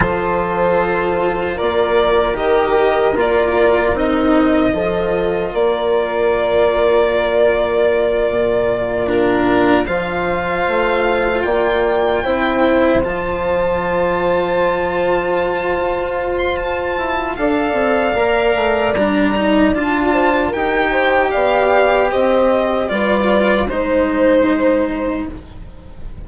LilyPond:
<<
  \new Staff \with { instrumentName = "violin" } { \time 4/4 \tempo 4 = 76 c''2 d''4 dis''4 | d''4 dis''2 d''4~ | d''2.~ d''8 ais'8~ | ais'8 f''2 g''4.~ |
g''8 a''2.~ a''8~ | a''8. c'''16 a''4 f''2 | ais''4 a''4 g''4 f''4 | dis''4 d''4 c''2 | }
  \new Staff \with { instrumentName = "horn" } { \time 4/4 a'2 ais'2~ | ais'2 a'4 ais'4~ | ais'2.~ ais'8 f'8~ | f'8 c''2 d''4 c''8~ |
c''1~ | c''2 d''2~ | d''4. c''8 ais'8 c''8 d''4 | c''4 b'4 c''2 | }
  \new Staff \with { instrumentName = "cello" } { \time 4/4 f'2. g'4 | f'4 dis'4 f'2~ | f'2.~ f'8 d'8~ | d'8 f'2. e'8~ |
e'8 f'2.~ f'8~ | f'2 a'4 ais'4 | d'8 dis'8 f'4 g'2~ | g'4 f'4 dis'2 | }
  \new Staff \with { instrumentName = "bassoon" } { \time 4/4 f2 ais4 dis4 | ais4 c'4 f4 ais4~ | ais2~ ais8 ais,4.~ | ais,8 f4 a4 ais4 c'8~ |
c'8 f2.~ f8 | f'4. e'8 d'8 c'8 ais8 a8 | g4 d'4 dis'4 b4 | c'4 g4 gis2 | }
>>